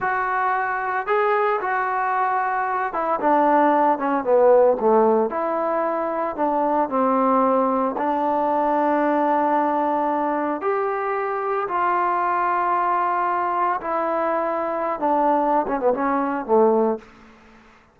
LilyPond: \new Staff \with { instrumentName = "trombone" } { \time 4/4 \tempo 4 = 113 fis'2 gis'4 fis'4~ | fis'4. e'8 d'4. cis'8 | b4 a4 e'2 | d'4 c'2 d'4~ |
d'1 | g'2 f'2~ | f'2 e'2~ | e'16 d'4~ d'16 cis'16 b16 cis'4 a4 | }